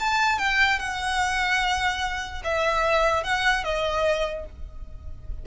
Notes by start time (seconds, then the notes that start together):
0.00 A5
0.39 G5
0.79 F#5
2.44 E5
3.24 F#5
3.64 D#5